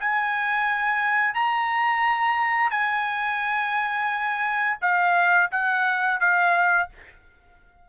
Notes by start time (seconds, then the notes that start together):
0.00 G#5
1.34 A#5
2.71 G#5
4.82 F5
5.52 F#5
6.20 F5